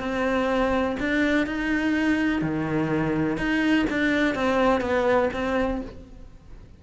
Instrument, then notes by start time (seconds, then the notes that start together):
cello
0.00 C4
1.00 D4
1.47 D#4
2.42 D#3
3.38 D#4
3.90 D4
4.35 C4
4.81 B3
5.34 C4